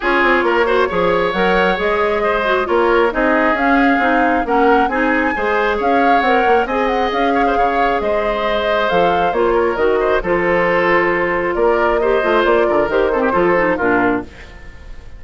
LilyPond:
<<
  \new Staff \with { instrumentName = "flute" } { \time 4/4 \tempo 4 = 135 cis''2. fis''4 | dis''2 cis''4 dis''4 | f''2 fis''4 gis''4~ | gis''4 f''4 fis''4 gis''8 fis''8 |
f''2 dis''2 | f''4 cis''4 dis''4 c''4~ | c''2 d''4 dis''4 | d''4 c''2 ais'4 | }
  \new Staff \with { instrumentName = "oboe" } { \time 4/4 gis'4 ais'8 c''8 cis''2~ | cis''4 c''4 ais'4 gis'4~ | gis'2 ais'4 gis'4 | c''4 cis''2 dis''4~ |
dis''8 cis''16 c''16 cis''4 c''2~ | c''4. ais'4 c''8 a'4~ | a'2 ais'4 c''4~ | c''8 ais'4 a'16 g'16 a'4 f'4 | }
  \new Staff \with { instrumentName = "clarinet" } { \time 4/4 f'4. fis'8 gis'4 ais'4 | gis'4. fis'8 f'4 dis'4 | cis'4 dis'4 cis'4 dis'4 | gis'2 ais'4 gis'4~ |
gis'1 | a'4 f'4 fis'4 f'4~ | f'2. g'8 f'8~ | f'4 g'8 c'8 f'8 dis'8 d'4 | }
  \new Staff \with { instrumentName = "bassoon" } { \time 4/4 cis'8 c'8 ais4 f4 fis4 | gis2 ais4 c'4 | cis'4 c'4 ais4 c'4 | gis4 cis'4 c'8 ais8 c'4 |
cis'4 cis4 gis2 | f4 ais4 dis4 f4~ | f2 ais4. a8 | ais8 d8 dis4 f4 ais,4 | }
>>